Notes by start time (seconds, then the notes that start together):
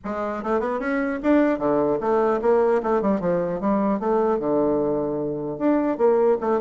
0.04 G#3
0.43 A3
0.60 B3
0.79 C#4
1.22 D4
1.59 D3
2.00 A3
2.41 A#3
2.82 A3
3.01 G3
3.20 F3
3.60 G3
3.99 A3
4.39 D3
5.58 D4
5.97 A#3
6.41 A3